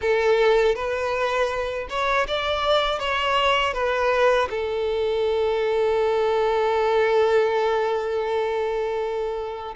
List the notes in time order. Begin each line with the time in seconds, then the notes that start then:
0.01 A4
0.75 B4
1.89 C#5
2.27 D5
2.99 C#5
3.73 B4
4.50 A4